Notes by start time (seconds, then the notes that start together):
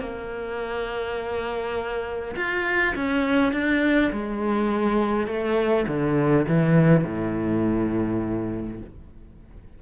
0.00 A#3
2.36 F4
2.95 C#4
3.53 D4
4.13 G#3
5.27 A3
5.88 D3
6.48 E3
7.05 A2